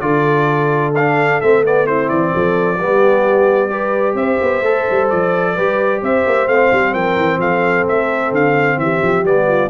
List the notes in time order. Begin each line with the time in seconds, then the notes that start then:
0.00 D3 F4 A4 D5
0.95 D4 F5
1.41 A3 C4 E5
1.64 B3 D5
1.86 C4 E4 C5
2.09 E3 D5
2.35 F3 A4
2.77 G3 B3 G4
3.70 G4 B4
4.14 C4 C5 E5
4.42 B3
4.62 A3 A4
4.90 G3
5.09 F3 D5
5.55 G3 G4 B4
6.01 C4 C5 E5
6.26 A#3
6.47 A3 C4 F5
6.72 G3
6.93 F3 A#4 G5
7.16 E3
7.38 F3 A4 F5
7.88 A3 E5
8.31 D3 F5
8.77 E3 G4 E5
9.03 F3
9.24 G3 B3 D5
9.47 F4